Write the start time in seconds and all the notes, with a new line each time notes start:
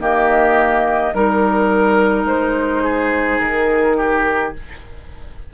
0.00 D#3 A#3 G4 D#5
1.14 G3 D#4 A#4
2.25 G#3 C5
2.84 G#4
3.40 D#3 A#4
3.97 G4